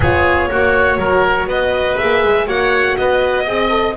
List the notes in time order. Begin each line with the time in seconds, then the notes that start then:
0.00 B3 F4 G#4 C#5
0.50 A#3 F#4
0.98 F#3 A#4
1.46 B3 B4 D#5
1.97 A#3 G#4 E5
2.23 G#3
2.46 A#3 F#4 C#5 F#5
2.96 B3 B4 D#5
3.44 C4 G#4 D#5
3.69 A4